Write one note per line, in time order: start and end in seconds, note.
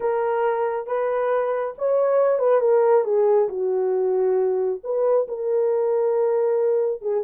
0.00 0.86 A#4
0.86 1.74 B4
1.78 2.38 C#5
2.38 2.60 B4
2.60 3.04 A#4
3.04 3.48 G#4
3.49 4.80 F#4
4.83 5.27 B4
5.28 7.01 A#4
7.01 7.23 G#4